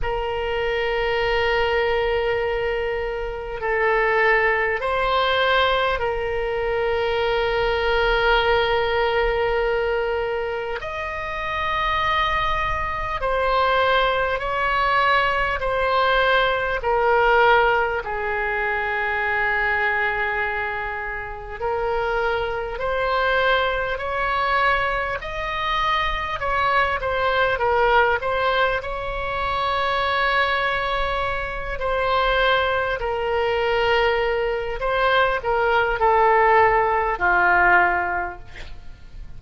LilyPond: \new Staff \with { instrumentName = "oboe" } { \time 4/4 \tempo 4 = 50 ais'2. a'4 | c''4 ais'2.~ | ais'4 dis''2 c''4 | cis''4 c''4 ais'4 gis'4~ |
gis'2 ais'4 c''4 | cis''4 dis''4 cis''8 c''8 ais'8 c''8 | cis''2~ cis''8 c''4 ais'8~ | ais'4 c''8 ais'8 a'4 f'4 | }